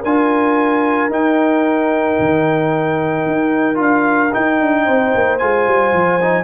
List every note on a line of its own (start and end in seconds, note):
0.00 1.10 D4
0.00 1.10 F4
0.00 4.82 A#4
0.00 1.11 G#5
1.10 2.17 D#4
1.10 3.75 D#4
1.10 3.80 G5
2.19 3.26 D#3
3.26 3.79 D#4
3.75 4.33 D4
3.75 4.28 F4
3.81 4.34 F5
4.32 5.40 D#4
4.32 4.60 D#4
4.32 5.38 G5
4.60 4.87 D4
4.85 5.14 C4
4.85 6.44 C5
5.14 5.41 A#3
5.38 5.67 G#3
5.38 6.20 F4
5.38 6.44 G#5
5.67 5.92 G3
5.92 6.44 F3
6.21 6.44 D#4